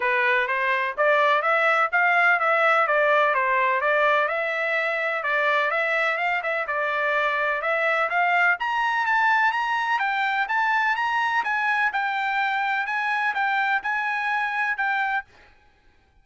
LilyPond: \new Staff \with { instrumentName = "trumpet" } { \time 4/4 \tempo 4 = 126 b'4 c''4 d''4 e''4 | f''4 e''4 d''4 c''4 | d''4 e''2 d''4 | e''4 f''8 e''8 d''2 |
e''4 f''4 ais''4 a''4 | ais''4 g''4 a''4 ais''4 | gis''4 g''2 gis''4 | g''4 gis''2 g''4 | }